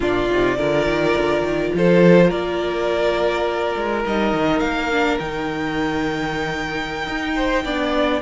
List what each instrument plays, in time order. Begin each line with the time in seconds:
0.00 cello A#2, viola D4, violin F4 D5
0.30 cello C3, viola D#4
0.57 cello D3, viola F4, violin A#4
0.86 cello D#3
1.17 cello D3
1.41 cello D#3
1.74 cello F3, violin A4 C5
2.26 cello A#3, violin A#4 D5
3.76 cello G#3
4.05 cello G3, viola D#4, violin D#5
4.33 cello D#3
4.59 cello A#3, violin F5
4.92 viola D4
5.19 cello D#3, viola D#4, violin G5
7.07 cello D#4
7.35 violin C5
7.64 cello B3, viola D4, violin D5